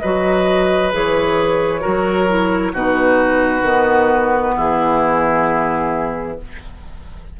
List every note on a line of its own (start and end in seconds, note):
0.00 0.92 F#3
0.00 0.92 F#4
0.00 1.80 B4
0.00 0.91 D#5
0.92 1.83 E3
0.92 1.80 G#4
0.92 2.75 C#5
1.80 2.25 F#4
1.80 2.71 A#4
1.86 2.73 F#3
2.28 2.73 E4
2.73 3.62 B2
2.73 3.64 D#4
2.73 4.55 F#4
2.73 4.56 B4
3.62 4.52 D#3
3.62 6.37 B3
4.55 6.39 E3
4.55 6.37 E4
4.55 6.39 G#4